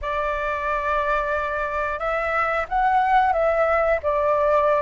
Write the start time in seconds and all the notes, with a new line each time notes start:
0.01 D5
1.99 E5
2.68 F#5
3.32 E5
4.02 D5